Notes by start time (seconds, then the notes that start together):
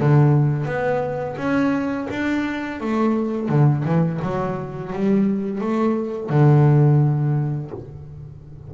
0.00 D3
0.65 B3
1.37 C#4
2.10 D4
2.80 A3
3.49 D3
3.85 E3
4.22 F#3
4.93 G3
5.61 A3
6.30 D3